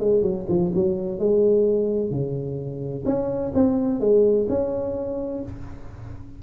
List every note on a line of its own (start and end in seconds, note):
0.00 0.22 G#3
0.22 0.46 F#3
0.49 0.72 F3
0.74 1.19 F#3
1.19 2.11 G#3
2.11 3.04 C#3
3.06 3.52 C#4
3.54 4.00 C4
4.00 4.47 G#3
4.49 5.43 C#4